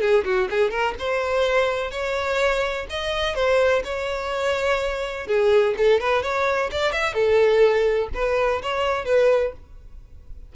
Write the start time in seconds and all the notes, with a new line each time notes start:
0.00 G#4
0.24 F#4
0.50 G#4
0.70 A#4
0.99 C5
1.91 C#5
2.89 D#5
3.35 C5
3.84 C#5
5.26 G#4
5.77 A4
6.00 B4
6.22 C#5
6.71 D5
6.92 E5
7.13 A4
8.14 B4
8.62 C#5
9.05 B4